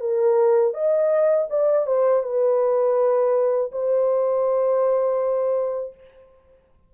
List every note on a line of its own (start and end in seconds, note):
0.00 0.74 A#4
0.74 1.48 D#5
1.49 1.87 D5
1.87 2.23 C5
2.23 3.71 B4
3.72 5.94 C5